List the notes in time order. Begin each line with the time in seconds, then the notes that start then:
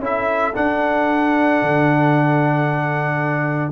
0.00 C#4 E4 A4 E5
0.54 D4 F#5
1.62 D3